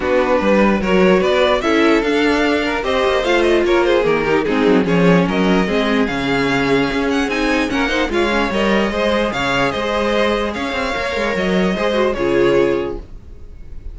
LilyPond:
<<
  \new Staff \with { instrumentName = "violin" } { \time 4/4 \tempo 4 = 148 b'2 cis''4 d''4 | e''4 f''2 dis''4 | f''8 dis''8 cis''8 c''8 ais'4 gis'4 | cis''4 dis''2 f''4~ |
f''4. fis''8 gis''4 fis''4 | f''4 dis''2 f''4 | dis''2 f''2 | dis''2 cis''2 | }
  \new Staff \with { instrumentName = "violin" } { \time 4/4 fis'4 b'4 ais'4 b'4 | a'2~ a'8 ais'8 c''4~ | c''4 ais'8 gis'4 g'8 dis'4 | gis'4 ais'4 gis'2~ |
gis'2. ais'8 c''8 | cis''2 c''4 cis''4 | c''2 cis''2~ | cis''4 c''4 gis'2 | }
  \new Staff \with { instrumentName = "viola" } { \time 4/4 d'2 fis'2 | e'4 d'2 g'4 | f'2 ais8 dis'8 c'4 | cis'2 c'4 cis'4~ |
cis'2 dis'4 cis'8 dis'8 | f'8 cis'8 ais'4 gis'2~ | gis'2. ais'4~ | ais'4 gis'8 fis'8 f'2 | }
  \new Staff \with { instrumentName = "cello" } { \time 4/4 b4 g4 fis4 b4 | cis'4 d'2 c'8 ais8 | a4 ais4 dis4 gis8 fis8 | f4 fis4 gis4 cis4~ |
cis4 cis'4 c'4 ais4 | gis4 g4 gis4 cis4 | gis2 cis'8 c'8 ais8 gis8 | fis4 gis4 cis2 | }
>>